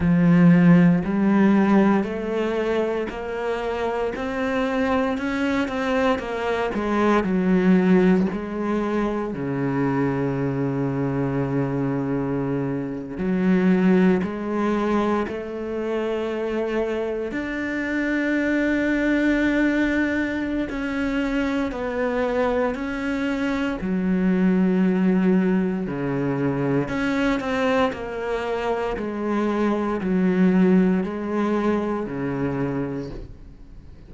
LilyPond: \new Staff \with { instrumentName = "cello" } { \time 4/4 \tempo 4 = 58 f4 g4 a4 ais4 | c'4 cis'8 c'8 ais8 gis8 fis4 | gis4 cis2.~ | cis8. fis4 gis4 a4~ a16~ |
a8. d'2.~ d'16 | cis'4 b4 cis'4 fis4~ | fis4 cis4 cis'8 c'8 ais4 | gis4 fis4 gis4 cis4 | }